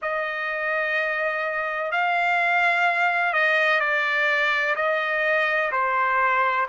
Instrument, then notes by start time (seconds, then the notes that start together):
trumpet
0.02 D#5
1.91 F5
3.33 D#5
3.80 D5
4.75 D#5
5.71 C5